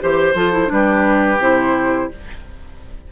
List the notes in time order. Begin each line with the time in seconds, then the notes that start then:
0.00 E3 G4 C5
0.34 F3 F4 A4
0.52 E4
0.67 G3 D4 G4 B4
1.38 C3 E4 C5